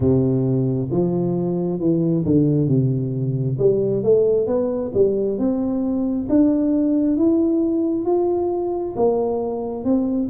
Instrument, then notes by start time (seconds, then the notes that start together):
tuba
0.00 C3
0.90 F3
1.79 E3
2.25 D3
2.67 C3
3.58 G3
4.03 A3
4.47 B3
4.94 G3
5.38 C4
6.29 D4
7.16 E4
8.05 F4
8.96 A#3
9.84 C4